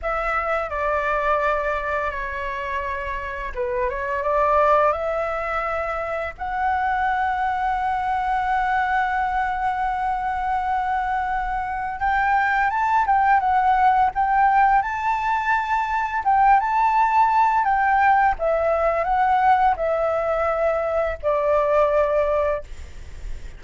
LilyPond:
\new Staff \with { instrumentName = "flute" } { \time 4/4 \tempo 4 = 85 e''4 d''2 cis''4~ | cis''4 b'8 cis''8 d''4 e''4~ | e''4 fis''2.~ | fis''1~ |
fis''4 g''4 a''8 g''8 fis''4 | g''4 a''2 g''8 a''8~ | a''4 g''4 e''4 fis''4 | e''2 d''2 | }